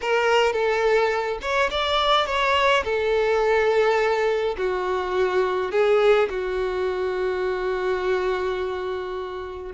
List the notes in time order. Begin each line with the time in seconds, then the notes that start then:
0.01 A#4
0.52 A4
1.41 C#5
1.71 D5
2.26 C#5
2.84 A4
4.57 F#4
5.71 G#4
6.29 F#4